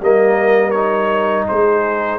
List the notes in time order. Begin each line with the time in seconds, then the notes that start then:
0.00 G3 A#3 A#4 D#5
0.71 D#4 C#5
1.47 G#3 G#4 C5